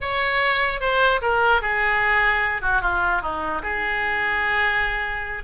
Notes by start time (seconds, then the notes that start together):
0.00 C#5
0.80 C5
1.21 A#4
1.61 G#4
2.61 F#4
2.81 F4
3.21 D#4
3.62 G#4